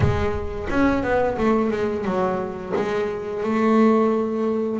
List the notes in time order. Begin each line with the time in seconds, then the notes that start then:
0.00 G#3
0.70 C#4
1.03 B3
1.37 A3
1.70 G#3
2.04 F#3
2.75 G#3
3.43 A3